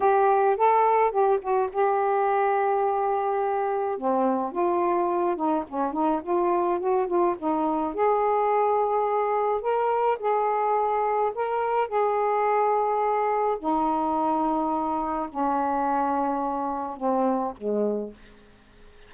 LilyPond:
\new Staff \with { instrumentName = "saxophone" } { \time 4/4 \tempo 4 = 106 g'4 a'4 g'8 fis'8 g'4~ | g'2. c'4 | f'4. dis'8 cis'8 dis'8 f'4 | fis'8 f'8 dis'4 gis'2~ |
gis'4 ais'4 gis'2 | ais'4 gis'2. | dis'2. cis'4~ | cis'2 c'4 gis4 | }